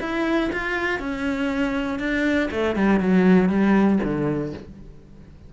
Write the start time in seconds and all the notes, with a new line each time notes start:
0.00 E4
0.52 F4
0.99 C#4
1.99 D4
2.51 A3
2.75 G3
3.00 F#3
3.49 G3
4.03 D3